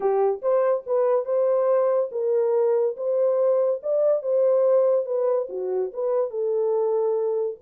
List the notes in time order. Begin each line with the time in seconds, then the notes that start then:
0.00 G4
0.41 C5
0.86 B4
1.25 C5
2.11 A#4
2.96 C5
3.82 D5
4.22 C5
5.05 B4
5.49 F#4
5.93 B4
6.30 A4